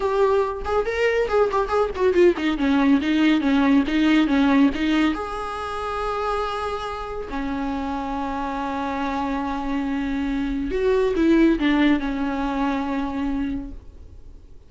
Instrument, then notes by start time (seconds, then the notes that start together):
viola
0.00 G4
0.64 G#4
0.85 A#4
1.28 G#4
1.51 G4
1.68 G#4
1.95 F#4
2.13 F4
2.37 D#4
2.57 C#4
3.01 D#4
3.41 C#4
3.87 D#4
4.27 C#4
4.74 D#4
5.14 G#4
7.29 C#4
10.71 F#4
11.15 E4
11.59 D4
11.99 C#4